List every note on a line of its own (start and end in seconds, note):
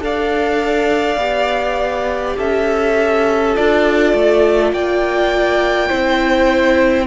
0.00 1.17 D4
0.00 1.18 A4
0.00 2.37 D5
0.00 2.38 F5
1.17 2.34 B3
1.17 3.54 G4
2.37 3.56 C#4
2.37 4.72 A4
2.37 3.56 E5
3.55 4.13 D4
3.55 5.90 F4
3.55 4.73 D5
4.13 4.72 A3
4.72 5.90 A#3
4.72 5.88 D5
4.72 7.06 G5
5.88 7.06 C4
5.88 7.06 E4
5.88 7.06 C5